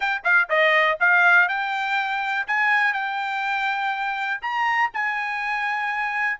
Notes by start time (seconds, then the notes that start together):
0.00 G5
0.24 F5
0.49 D#5
1.00 F5
1.48 G5
2.47 G#5
2.93 G5
4.42 A#5
4.93 G#5